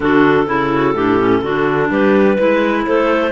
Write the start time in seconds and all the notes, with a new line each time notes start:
0.00 D3 D4 F#4 A4
0.46 C#3 E4
0.73 F#4
0.94 A2 D4 G4
1.18 C#4
1.42 D3 D4 F#4
1.90 G3 G4 B4
2.37 G#3 E4 B4
2.86 A3 A4 C5